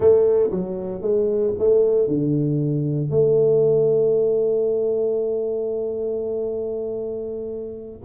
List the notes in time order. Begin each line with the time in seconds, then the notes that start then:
0.00 A3
0.50 F#3
1.01 G#3
1.58 A3
2.07 D3
3.10 A3